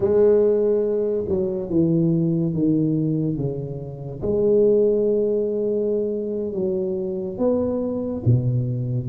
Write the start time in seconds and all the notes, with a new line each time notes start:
0.00 G#3
1.28 F#3
1.69 E3
2.54 D#3
3.36 C#3
4.21 G#3
6.53 F#3
7.38 B3
8.25 B2